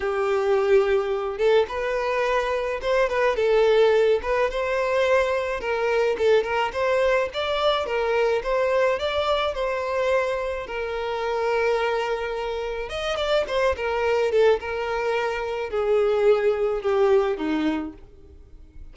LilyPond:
\new Staff \with { instrumentName = "violin" } { \time 4/4 \tempo 4 = 107 g'2~ g'8 a'8 b'4~ | b'4 c''8 b'8 a'4. b'8 | c''2 ais'4 a'8 ais'8 | c''4 d''4 ais'4 c''4 |
d''4 c''2 ais'4~ | ais'2. dis''8 d''8 | c''8 ais'4 a'8 ais'2 | gis'2 g'4 dis'4 | }